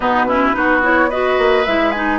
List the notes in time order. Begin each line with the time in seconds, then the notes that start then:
0.00 B2 B3 D#4 B4
0.28 C#4 E4
0.53 B3 D#4 F#4
0.82 E4 C#5
1.09 F#4 B4 D#5
1.38 A#3
1.65 G#3 E4 E5
1.91 D#4 G#5